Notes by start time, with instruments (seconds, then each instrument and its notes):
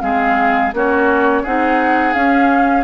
0.00 bassoon G#3, clarinet C4, oboe G#4, flute F5
0.73 bassoon A#3, clarinet C#4, oboe F#4, flute C#5
1.42 bassoon C4, clarinet D#4, oboe G#4, flute F#5
2.13 bassoon C#4, clarinet C#4, flute F5